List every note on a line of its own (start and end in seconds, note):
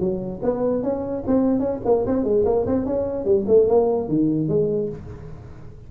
0.00 0.41 F#3
0.43 0.83 B3
0.83 1.24 C#4
1.27 1.60 C4
1.60 1.80 C#4
1.85 2.06 A#3
2.07 2.24 C4
2.24 2.45 G#3
2.46 2.66 A#3
2.67 2.86 C4
2.86 3.25 C#4
3.25 3.45 G3
3.48 3.68 A3
3.68 4.09 A#3
4.09 4.49 D#3
4.49 4.90 G#3